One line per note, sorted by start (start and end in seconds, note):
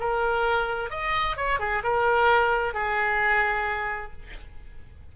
0.00 0.90 A#4
0.90 1.36 D#5
1.37 1.59 C#5
1.59 1.83 G#4
1.83 2.74 A#4
2.74 4.12 G#4